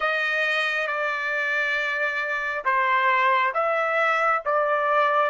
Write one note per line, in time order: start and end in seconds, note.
0.00 0.87 D#5
0.87 2.64 D5
2.64 3.53 C5
3.54 4.42 E5
4.45 5.30 D5